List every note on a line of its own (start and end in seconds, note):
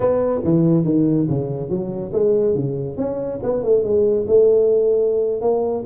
0.00 0.41 B3
0.44 0.84 E3
0.84 1.27 D#3
1.29 1.69 C#3
1.69 2.12 F#3
2.13 2.54 G#3
2.54 2.97 C#3
2.97 3.39 C#4
3.43 3.62 B3
3.62 3.83 A3
3.83 4.26 G#3
4.27 5.41 A3
5.41 5.84 A#3